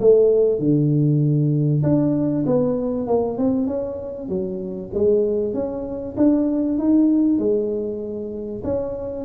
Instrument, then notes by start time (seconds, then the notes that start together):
tuba
0.00 A3
0.59 D3
1.83 D4
2.46 B3
3.07 A#3
3.37 C4
3.67 C#4
4.28 F#3
4.94 G#3
5.53 C#4
6.17 D4
6.78 D#4
7.38 G#3
8.63 C#4